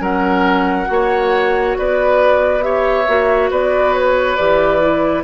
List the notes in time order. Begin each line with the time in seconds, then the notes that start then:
0.00 F#3 C#4 A#4 F#5
0.86 A#3 F#4
0.93 C#5
1.78 B3 B4 D5
2.62 G4 C#5 E5
3.08 A#3 F#4
3.51 B3 B4 D5
3.93 C#5
4.36 E3 G4 D5
4.81 E4